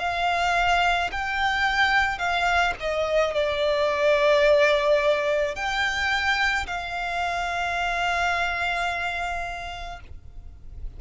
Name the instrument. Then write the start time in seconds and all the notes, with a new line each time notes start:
violin
0.00 F5
1.12 G5
2.19 F5
2.81 D#5
3.34 D5
5.56 G5
6.67 F5